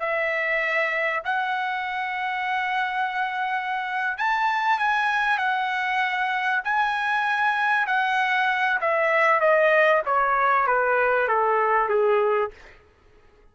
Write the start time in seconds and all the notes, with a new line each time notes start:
0.00 E5
1.25 F#5
4.18 A5
4.79 G#5
5.38 F#5
6.65 G#5
7.88 F#5
8.81 E5
9.41 D#5
10.06 C#5
10.67 B4
11.29 A4
11.89 G#4